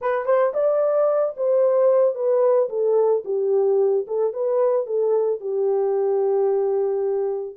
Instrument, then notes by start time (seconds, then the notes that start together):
horn
0.01 B4
0.25 C5
0.53 D5
1.37 C5
2.14 B4
2.69 A4
3.25 G4
4.07 A4
4.33 B4
4.86 A4
5.40 G4